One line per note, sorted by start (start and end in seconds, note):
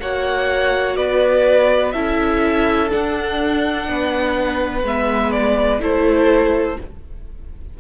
0.00 0.98 A#3
0.00 1.94 F#4
0.00 0.98 C#5
0.00 0.97 F#5
0.97 1.94 B3
0.97 1.94 B4
0.97 1.92 D5
1.92 2.91 C#4
1.92 2.90 E4
1.92 3.87 A4
1.92 2.89 E5
2.90 4.84 D4
2.90 3.89 D4
2.90 4.86 F#5
3.89 4.83 B3
3.89 5.82 B4
4.83 5.80 G#3
4.83 5.80 B3
4.83 5.32 E5
5.32 5.80 D5
5.80 6.77 A3
5.80 6.77 E4
5.80 6.78 A4
5.80 6.80 C5